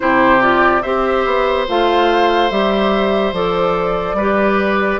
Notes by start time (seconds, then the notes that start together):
0.00 C3 E4 G4 C5
0.40 F4 D5
0.82 C4 G4 C5 E5
1.25 B3
1.67 A3 F4 F5
2.50 G3 G4 E5
3.32 F3 A4 D5
4.13 G3 B4
4.20 G4